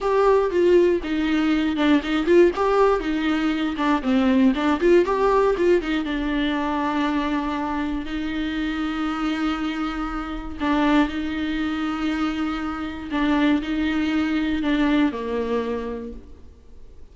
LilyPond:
\new Staff \with { instrumentName = "viola" } { \time 4/4 \tempo 4 = 119 g'4 f'4 dis'4. d'8 | dis'8 f'8 g'4 dis'4. d'8 | c'4 d'8 f'8 g'4 f'8 dis'8 | d'1 |
dis'1~ | dis'4 d'4 dis'2~ | dis'2 d'4 dis'4~ | dis'4 d'4 ais2 | }